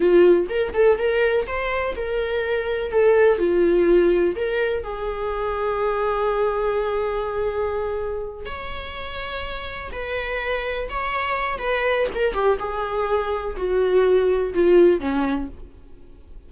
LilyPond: \new Staff \with { instrumentName = "viola" } { \time 4/4 \tempo 4 = 124 f'4 ais'8 a'8 ais'4 c''4 | ais'2 a'4 f'4~ | f'4 ais'4 gis'2~ | gis'1~ |
gis'4. cis''2~ cis''8~ | cis''8 b'2 cis''4. | b'4 ais'8 g'8 gis'2 | fis'2 f'4 cis'4 | }